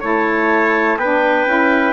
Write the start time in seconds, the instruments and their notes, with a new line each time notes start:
0.00 bassoon A3, saxophone E4, trumpet C#5, clarinet A5
0.97 bassoon B3, saxophone D4, trumpet B4, clarinet G5
1.46 bassoon C#4, saxophone E4